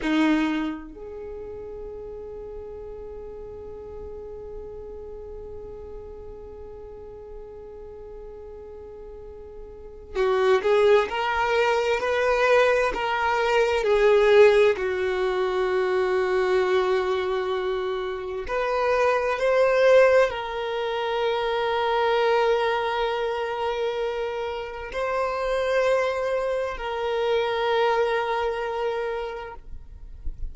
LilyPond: \new Staff \with { instrumentName = "violin" } { \time 4/4 \tempo 4 = 65 dis'4 gis'2.~ | gis'1~ | gis'2. fis'8 gis'8 | ais'4 b'4 ais'4 gis'4 |
fis'1 | b'4 c''4 ais'2~ | ais'2. c''4~ | c''4 ais'2. | }